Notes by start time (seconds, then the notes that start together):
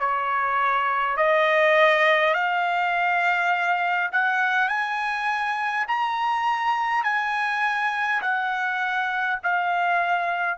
0.00 C#5
1.17 D#5
2.35 F5
4.12 F#5
4.69 G#5
5.88 A#5
7.04 G#5
8.22 F#5
9.44 F5